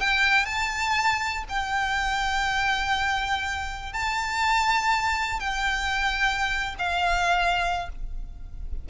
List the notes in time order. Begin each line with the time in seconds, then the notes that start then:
0.00 G5
0.45 A5
1.49 G5
3.93 A5
5.40 G5
6.78 F5